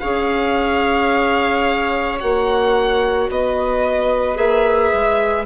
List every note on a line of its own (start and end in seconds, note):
0.00 2.22 C#4
0.00 2.18 G#4
0.00 3.29 C#5
0.00 2.18 F5
2.18 3.30 A#3
2.18 4.36 F#4
2.18 3.30 F#5
3.30 4.37 B3
3.30 5.46 B4
3.30 4.38 D#5
4.36 4.92 A#3
4.36 5.45 G#4
4.36 5.46 E5
4.93 5.46 G#3